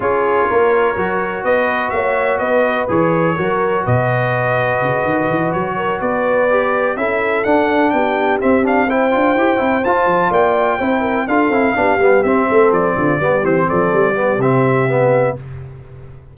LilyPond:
<<
  \new Staff \with { instrumentName = "trumpet" } { \time 4/4 \tempo 4 = 125 cis''2. dis''4 | e''4 dis''4 cis''2 | dis''2.~ dis''8 cis''8~ | cis''8 d''2 e''4 fis''8~ |
fis''8 g''4 e''8 f''8 g''4.~ | g''8 a''4 g''2 f''8~ | f''4. e''4 d''4. | c''8 d''4. e''2 | }
  \new Staff \with { instrumentName = "horn" } { \time 4/4 gis'4 ais'2 b'4 | cis''4 b'2 ais'4 | b'1 | ais'8 b'2 a'4.~ |
a'8 g'2 c''4.~ | c''4. d''4 c''8 ais'8 a'8~ | a'8 g'4. a'4 f'8 g'8~ | g'8 a'4 g'2~ g'8 | }
  \new Staff \with { instrumentName = "trombone" } { \time 4/4 f'2 fis'2~ | fis'2 gis'4 fis'4~ | fis'1~ | fis'4. g'4 e'4 d'8~ |
d'4. c'8 d'8 e'8 f'8 g'8 | e'8 f'2 e'4 f'8 | e'8 d'8 b8 c'2 b8 | c'4. b8 c'4 b4 | }
  \new Staff \with { instrumentName = "tuba" } { \time 4/4 cis'4 ais4 fis4 b4 | ais4 b4 e4 fis4 | b,2 cis8 dis8 e8 fis8~ | fis8 b2 cis'4 d'8~ |
d'8 b4 c'4. d'8 e'8 | c'8 f'8 f8 ais4 c'4 d'8 | c'8 b8 g8 c'8 a8 f8 d8 g8 | e8 f8 g4 c2 | }
>>